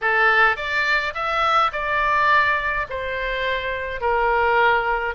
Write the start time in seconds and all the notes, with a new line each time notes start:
0.01 A4
0.56 D5
1.14 E5
1.72 D5
2.89 C5
4.00 A#4